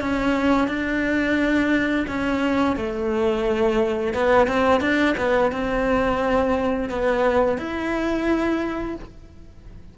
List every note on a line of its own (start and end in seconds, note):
0.00 0.67 C#4
0.67 2.05 D4
2.08 2.76 C#4
2.76 4.13 A3
4.13 4.47 B3
4.47 4.80 C4
4.80 5.15 D4
5.17 5.51 B3
5.51 6.89 C4
6.89 7.57 B3
7.57 8.95 E4